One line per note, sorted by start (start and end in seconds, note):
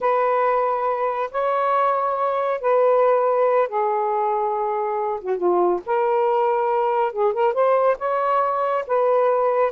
0.01 1.30 B4
1.31 2.60 C#5
2.61 3.68 B4
3.68 5.19 G#4
5.20 5.37 F#4
5.37 5.80 F4
5.86 7.12 A#4
7.12 7.33 G#4
7.33 7.53 A#4
7.53 7.96 C5
7.98 8.84 C#5
8.87 9.71 B4